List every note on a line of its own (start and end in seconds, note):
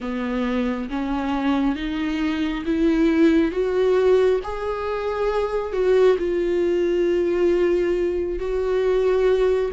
0.00 0.89 B3
0.89 1.75 C#4
1.75 2.64 D#4
2.65 3.51 E4
3.51 4.40 F#4
4.44 5.72 G#4
5.72 6.16 F#4
6.18 8.39 F4
8.39 9.71 F#4